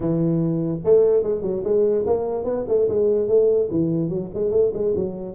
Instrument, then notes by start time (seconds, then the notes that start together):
tuba
0.00 E3
0.84 A3
1.23 G#3
1.42 F#3
1.64 G#3
2.06 A#3
2.44 B3
2.67 A3
2.89 G#3
3.28 A3
3.70 E3
4.09 F#3
4.34 G#3
4.51 A3
4.73 G#3
4.95 F#3